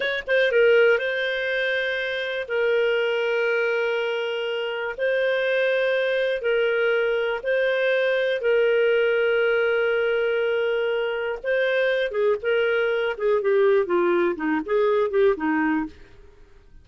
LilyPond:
\new Staff \with { instrumentName = "clarinet" } { \time 4/4 \tempo 4 = 121 cis''8 c''8 ais'4 c''2~ | c''4 ais'2.~ | ais'2 c''2~ | c''4 ais'2 c''4~ |
c''4 ais'2.~ | ais'2. c''4~ | c''8 gis'8 ais'4. gis'8 g'4 | f'4 dis'8 gis'4 g'8 dis'4 | }